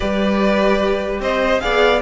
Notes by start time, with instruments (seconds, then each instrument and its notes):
0.00 cello G3, viola G4, violin B4 D5
1.19 cello C4, violin C5 D#5
1.60 cello B3, viola G#4, violin D5 F5